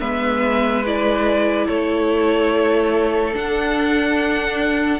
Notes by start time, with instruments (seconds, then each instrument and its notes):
0.00 cello G#3, viola B3, violin B4 E5
0.85 viola E4, violin D5
1.68 cello A3, violin A4 C#5
3.33 viola D4, cello D4, violin F#5